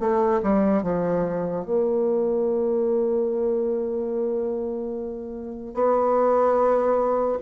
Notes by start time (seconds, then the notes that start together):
0.00 A3
0.43 G3
0.83 F3
1.65 A#3
5.74 B3